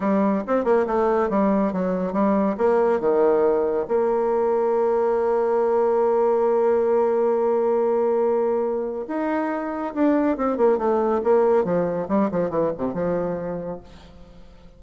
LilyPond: \new Staff \with { instrumentName = "bassoon" } { \time 4/4 \tempo 4 = 139 g4 c'8 ais8 a4 g4 | fis4 g4 ais4 dis4~ | dis4 ais2.~ | ais1~ |
ais1~ | ais4 dis'2 d'4 | c'8 ais8 a4 ais4 f4 | g8 f8 e8 c8 f2 | }